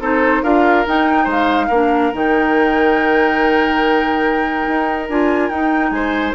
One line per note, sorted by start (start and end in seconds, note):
0.00 0.42 C4
0.00 0.43 D#4
0.00 0.43 A4
0.00 0.44 C5
0.43 0.85 D4
0.43 0.85 F4
0.43 1.24 A#4
0.43 0.86 F5
0.85 1.70 D#4
0.85 1.26 D#4
0.85 1.30 G5
1.24 1.69 G#3
1.24 1.66 C5
1.31 2.15 F5
1.68 2.12 A#3
1.68 2.13 D4
1.68 5.90 A#4
2.13 4.67 D#3
2.13 5.08 D#4
2.13 5.09 G5
4.68 5.09 D#4
5.09 5.50 D4
5.09 5.51 F4
5.09 5.50 G#5
5.50 5.91 D#4
5.50 6.35 D#4
5.50 5.90 G5
5.90 6.33 G#3
5.90 6.35 C5
5.90 6.33 G#5